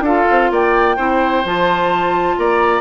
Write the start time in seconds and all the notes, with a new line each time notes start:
0.00 D4 F4 A4 F5
0.31 C4
0.51 A#3 D5 G5
0.96 C4 E4 C5
1.44 F3 F4 A5
2.37 A#3 D5 A#5